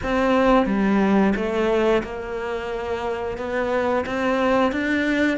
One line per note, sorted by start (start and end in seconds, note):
0.02 0.66 C4
0.66 1.33 G3
1.35 2.03 A3
2.03 3.37 A#3
3.37 4.04 B3
4.06 4.72 C4
4.72 5.37 D4